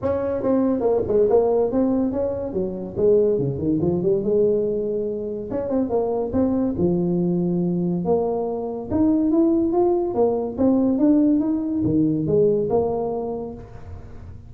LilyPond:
\new Staff \with { instrumentName = "tuba" } { \time 4/4 \tempo 4 = 142 cis'4 c'4 ais8 gis8 ais4 | c'4 cis'4 fis4 gis4 | cis8 dis8 f8 g8 gis2~ | gis4 cis'8 c'8 ais4 c'4 |
f2. ais4~ | ais4 dis'4 e'4 f'4 | ais4 c'4 d'4 dis'4 | dis4 gis4 ais2 | }